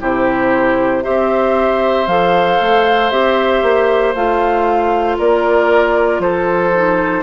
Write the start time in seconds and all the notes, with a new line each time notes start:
0.00 C3 E4 G4 C5
1.03 C4 G4 C5 E5
2.06 F3 A4 F5
2.60 A3
3.10 C4 G4 E5
3.62 A#3
4.14 A3 F4 F5
5.18 A#3 A#4 D5
6.19 F3 A4 C5
6.75 D#4